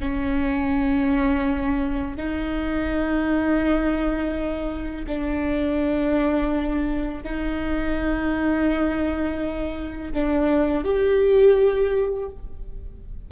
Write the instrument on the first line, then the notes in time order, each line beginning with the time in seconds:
viola
0.00 C#4
2.17 D#4
5.07 D4
7.24 D#4
10.13 D4
10.84 G4